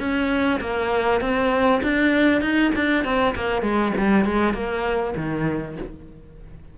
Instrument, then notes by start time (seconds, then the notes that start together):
cello
0.00 C#4
0.61 A#3
1.21 C4
1.83 D4
2.42 D#4
2.75 D4
3.05 C4
3.36 A#3
3.63 G#3
3.98 G3
4.26 G#3
4.54 A#3
5.17 D#3